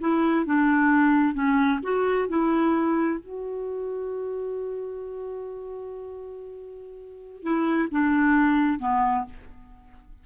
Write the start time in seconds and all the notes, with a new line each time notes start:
0.00 E4
0.45 D4
1.34 C#4
1.83 F#4
2.28 E4
3.20 F#4
7.43 E4
7.91 D4
8.79 B3